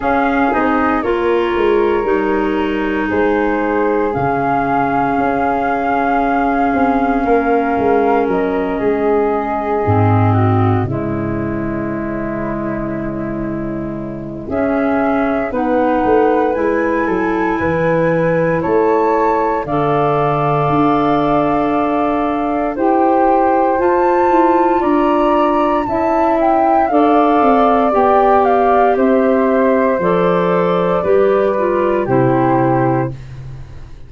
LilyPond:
<<
  \new Staff \with { instrumentName = "flute" } { \time 4/4 \tempo 4 = 58 f''8 dis''8 cis''2 c''4 | f''1 | dis''2~ dis''8 cis''4.~ | cis''2 e''4 fis''4 |
gis''2 a''4 f''4~ | f''2 g''4 a''4 | ais''4 a''8 g''8 f''4 g''8 f''8 | e''4 d''2 c''4 | }
  \new Staff \with { instrumentName = "flute" } { \time 4/4 gis'4 ais'2 gis'4~ | gis'2. ais'4~ | ais'8 gis'4. fis'8 e'4.~ | e'2 gis'4 b'4~ |
b'8 a'8 b'4 cis''4 d''4~ | d''2 c''2 | d''4 e''4 d''2 | c''2 b'4 g'4 | }
  \new Staff \with { instrumentName = "clarinet" } { \time 4/4 cis'8 dis'8 f'4 dis'2 | cis'1~ | cis'4. c'4 gis4.~ | gis2 cis'4 dis'4 |
e'2. a'4~ | a'2 g'4 f'4~ | f'4 e'4 a'4 g'4~ | g'4 a'4 g'8 f'8 e'4 | }
  \new Staff \with { instrumentName = "tuba" } { \time 4/4 cis'8 c'8 ais8 gis8 g4 gis4 | cis4 cis'4. c'8 ais8 gis8 | fis8 gis4 gis,4 cis4.~ | cis2 cis'4 b8 a8 |
gis8 fis8 e4 a4 d4 | d'2 e'4 f'8 e'8 | d'4 cis'4 d'8 c'8 b4 | c'4 f4 g4 c4 | }
>>